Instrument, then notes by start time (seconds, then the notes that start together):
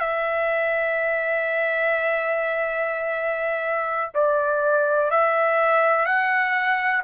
trumpet
0.00 E5
4.14 D5
5.10 E5
6.06 F#5